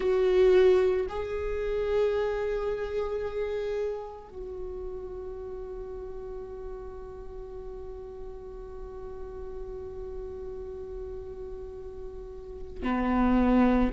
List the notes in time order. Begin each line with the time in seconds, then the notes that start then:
0.00 F#4
1.08 G#4
4.29 F#4
12.83 B3